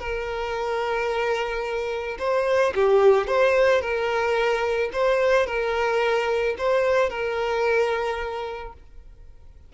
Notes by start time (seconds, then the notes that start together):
0.00 A#4
2.19 C5
2.75 G4
3.28 C5
3.81 A#4
4.93 C5
5.47 A#4
6.58 C5
7.10 A#4